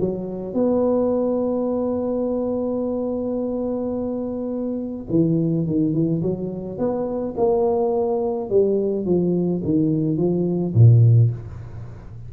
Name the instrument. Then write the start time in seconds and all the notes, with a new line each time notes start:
tuba
0.00 F#3
0.54 B3
5.10 E3
5.66 D#3
5.94 E3
6.22 F#3
6.78 B3
7.37 A#3
8.50 G3
9.05 F3
9.64 D#3
10.17 F3
10.74 A#2